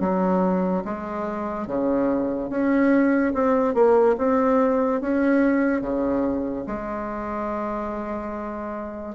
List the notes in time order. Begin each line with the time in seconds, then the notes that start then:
0.00 F#3
0.84 G#3
1.67 C#3
2.50 C#4
3.34 C4
3.74 A#3
4.18 C4
5.01 C#4
5.81 C#3
6.67 G#3